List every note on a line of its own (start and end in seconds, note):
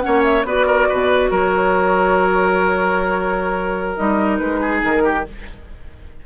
0.00 0.43 C#4
0.00 0.46 C#5
0.00 0.22 F#5
0.06 0.44 A#3
0.23 0.45 E5
0.44 0.87 B3
0.44 3.97 F#4
0.44 0.66 B4
0.44 1.30 D5
0.66 0.88 A#4
0.89 1.30 B2
0.89 1.30 B4
1.30 3.96 F#3
1.30 4.60 A#4
1.30 3.96 C#5
3.96 4.39 G3
3.96 5.24 D#4
3.96 4.37 D#5
4.37 4.82 G#3
4.37 4.80 B4
4.60 5.03 G#4
4.83 5.25 D#3
4.83 5.26 A#4
5.04 5.25 G4